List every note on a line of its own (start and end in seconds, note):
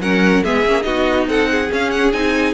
0.00 0.42 F#3
0.00 0.44 C#4
0.00 0.44 A#4
0.00 0.44 F#5
0.44 0.66 G#3
0.44 0.65 B3
0.44 0.86 G#4
0.44 0.82 E5
0.66 0.85 A#3
0.66 0.82 C#4
0.82 1.27 B3
0.82 1.67 D#4
0.82 1.28 F#4
0.82 1.25 D#5
1.27 1.69 C4
1.27 1.50 A4
1.27 1.71 F#5
1.51 2.54 G#4
1.72 2.13 C#4
1.72 1.91 F5
1.91 2.12 F#5
2.13 2.54 C4
2.13 2.54 D#4
2.13 2.54 G#5